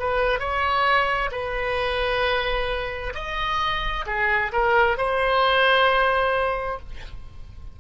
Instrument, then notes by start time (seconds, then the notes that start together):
oboe
0.00 B4
0.40 C#5
1.32 B4
3.15 D#5
4.07 G#4
4.53 A#4
4.98 C5